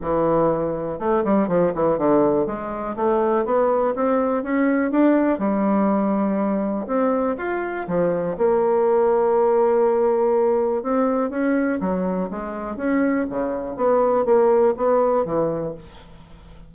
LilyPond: \new Staff \with { instrumentName = "bassoon" } { \time 4/4 \tempo 4 = 122 e2 a8 g8 f8 e8 | d4 gis4 a4 b4 | c'4 cis'4 d'4 g4~ | g2 c'4 f'4 |
f4 ais2.~ | ais2 c'4 cis'4 | fis4 gis4 cis'4 cis4 | b4 ais4 b4 e4 | }